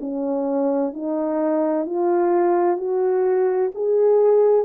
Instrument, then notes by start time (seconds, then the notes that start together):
horn
0.00 C#4
0.93 D#4
1.85 F4
2.77 F#4
3.74 G#4